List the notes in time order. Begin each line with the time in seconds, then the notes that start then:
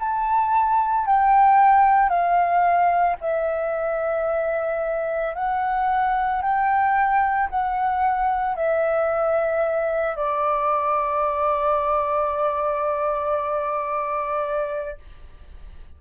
0.00 A5
1.07 G5
2.10 F5
3.21 E5
5.35 F#5
6.42 G5
7.50 F#5
8.56 E5
10.16 D5